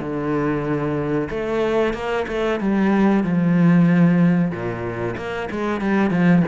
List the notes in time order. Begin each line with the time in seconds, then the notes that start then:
0.00 D3
1.30 A3
1.94 A#3
2.28 A3
2.60 G3
3.23 F3
4.51 A#2
5.17 A#3
5.51 G#3
5.81 G3
6.10 F3